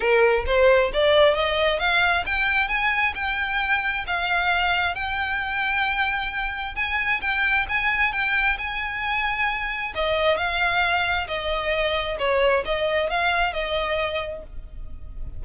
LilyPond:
\new Staff \with { instrumentName = "violin" } { \time 4/4 \tempo 4 = 133 ais'4 c''4 d''4 dis''4 | f''4 g''4 gis''4 g''4~ | g''4 f''2 g''4~ | g''2. gis''4 |
g''4 gis''4 g''4 gis''4~ | gis''2 dis''4 f''4~ | f''4 dis''2 cis''4 | dis''4 f''4 dis''2 | }